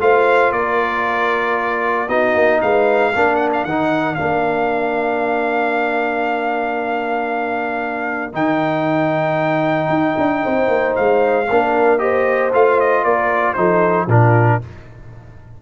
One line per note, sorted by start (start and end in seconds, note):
0.00 0.52 A3
0.00 2.09 F4
0.00 0.55 C5
0.00 0.53 F5
0.52 2.08 A#3
0.52 2.09 A#4
0.52 2.09 D5
2.09 2.34 B3
2.09 3.13 D#4
2.09 2.61 F#4
2.09 2.61 D#5
2.34 2.61 A#3
2.62 3.15 G#3
2.62 3.12 B4
2.62 3.36 F5
3.12 3.65 A#3
3.12 3.68 D4
3.12 10.43 A#4
3.36 3.49 F#5
3.53 3.64 F5
3.64 4.17 D#3
3.64 4.17 D#4
3.64 4.15 F#5
4.15 8.34 A#3
4.15 8.33 D4
4.15 8.32 F5
8.33 9.89 D#3
8.33 11.46 D#4
8.33 10.96 G5
9.89 10.15 D#4
10.18 10.44 D4
10.44 10.68 C4
10.44 11.49 C5
10.68 10.94 A#3
10.96 11.50 G#3
10.96 11.99 F5
11.50 12.53 A#3
11.50 11.99 D4
11.50 12.02 A#4
11.99 12.51 G4
11.99 13.05 C5
11.99 12.51 D#5
12.53 13.05 A3
12.53 13.56 F4
12.53 12.81 F5
12.81 13.04 D#5
13.04 13.57 A#3
13.04 13.57 A#4
13.04 13.54 D5
13.54 14.07 F3
13.54 14.08 D#4
13.54 14.08 A4
13.54 14.06 C5
14.07 14.59 A#2
14.07 14.62 D4
14.07 14.60 F4
14.07 14.62 A#4